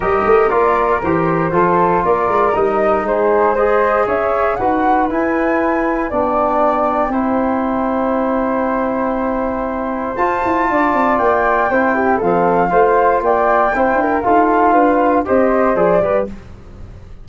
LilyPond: <<
  \new Staff \with { instrumentName = "flute" } { \time 4/4 \tempo 4 = 118 dis''4 d''4 c''2 | d''4 dis''4 c''4 dis''4 | e''4 fis''4 gis''2 | g''1~ |
g''1 | a''2 g''2 | f''2 g''2 | f''2 dis''4 d''4 | }
  \new Staff \with { instrumentName = "flute" } { \time 4/4 ais'2. a'4 | ais'2 gis'4 c''4 | cis''4 b'2. | d''2 c''2~ |
c''1~ | c''4 d''2 c''8 g'8 | a'4 c''4 d''4 c''8 ais'8 | a'4 b'4 c''4. b'8 | }
  \new Staff \with { instrumentName = "trombone" } { \time 4/4 g'4 f'4 g'4 f'4~ | f'4 dis'2 gis'4~ | gis'4 fis'4 e'2 | d'2 e'2~ |
e'1 | f'2. e'4 | c'4 f'2 e'4 | f'2 g'4 gis'8 g'8 | }
  \new Staff \with { instrumentName = "tuba" } { \time 4/4 g8 a8 ais4 e4 f4 | ais8 gis8 g4 gis2 | cis'4 dis'4 e'2 | b2 c'2~ |
c'1 | f'8 e'8 d'8 c'8 ais4 c'4 | f4 a4 ais4 c'8 d'8 | dis'4 d'4 c'4 f8 g8 | }
>>